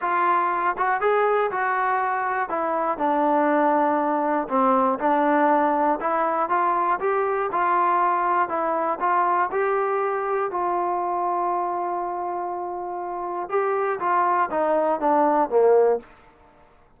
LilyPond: \new Staff \with { instrumentName = "trombone" } { \time 4/4 \tempo 4 = 120 f'4. fis'8 gis'4 fis'4~ | fis'4 e'4 d'2~ | d'4 c'4 d'2 | e'4 f'4 g'4 f'4~ |
f'4 e'4 f'4 g'4~ | g'4 f'2.~ | f'2. g'4 | f'4 dis'4 d'4 ais4 | }